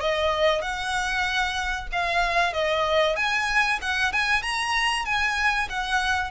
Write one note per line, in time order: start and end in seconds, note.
0.00 0.61 D#5
0.61 1.87 F#5
1.92 2.53 F5
2.53 3.16 D#5
3.16 3.79 G#5
3.82 4.12 F#5
4.12 4.42 G#5
4.42 5.05 A#5
5.05 5.68 G#5
5.69 6.31 F#5